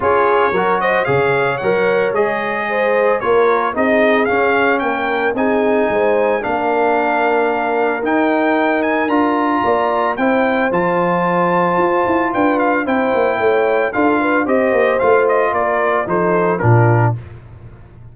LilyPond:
<<
  \new Staff \with { instrumentName = "trumpet" } { \time 4/4 \tempo 4 = 112 cis''4. dis''8 f''4 fis''4 | dis''2 cis''4 dis''4 | f''4 g''4 gis''2 | f''2. g''4~ |
g''8 gis''8 ais''2 g''4 | a''2. g''8 f''8 | g''2 f''4 dis''4 | f''8 dis''8 d''4 c''4 ais'4 | }
  \new Staff \with { instrumentName = "horn" } { \time 4/4 gis'4 ais'8 c''8 cis''2~ | cis''4 c''4 ais'4 gis'4~ | gis'4 ais'4 gis'4 c''4 | ais'1~ |
ais'2 d''4 c''4~ | c''2. b'4 | c''4 cis''4 a'8 b'8 c''4~ | c''4 ais'4 a'4 f'4 | }
  \new Staff \with { instrumentName = "trombone" } { \time 4/4 f'4 fis'4 gis'4 ais'4 | gis'2 f'4 dis'4 | cis'2 dis'2 | d'2. dis'4~ |
dis'4 f'2 e'4 | f'1 | e'2 f'4 g'4 | f'2 dis'4 d'4 | }
  \new Staff \with { instrumentName = "tuba" } { \time 4/4 cis'4 fis4 cis4 fis4 | gis2 ais4 c'4 | cis'4 ais4 c'4 gis4 | ais2. dis'4~ |
dis'4 d'4 ais4 c'4 | f2 f'8 e'8 d'4 | c'8 ais8 a4 d'4 c'8 ais8 | a4 ais4 f4 ais,4 | }
>>